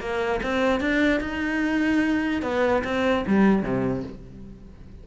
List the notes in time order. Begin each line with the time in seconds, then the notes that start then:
0.00 A#3
0.43 C4
0.80 D4
1.20 D#4
2.42 B3
2.84 C4
3.27 G3
3.63 C3